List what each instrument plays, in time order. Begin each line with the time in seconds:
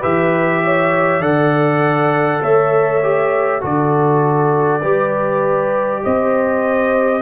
0.00 tuba E3, trombone G4, horn B4, trumpet E5
0.64 horn C#5
1.20 tuba D3, trombone A4, horn D5, trumpet F#5
2.42 tuba A3, horn C#5, trumpet E5
3.03 trombone G4
3.61 tuba D3, trombone F#4, horn A4, trumpet D5
4.82 tuba G3, trombone G4, horn B4
6.04 tuba C4, horn C5, trumpet D#5